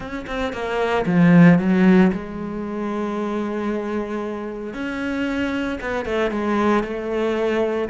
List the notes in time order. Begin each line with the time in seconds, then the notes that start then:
0.00 C#4
0.26 C4
0.52 A#3
1.06 F3
1.58 F#3
2.12 G#3
4.73 C#4
5.81 B3
6.05 A3
6.31 G#3
6.83 A3